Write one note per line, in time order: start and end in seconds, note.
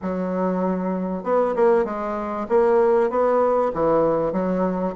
0.01 1.23 F#3
1.23 1.54 B3
1.55 1.84 A#3
1.84 2.46 G#3
2.49 3.09 A#3
3.09 3.71 B3
3.73 4.32 E3
4.32 4.94 F#3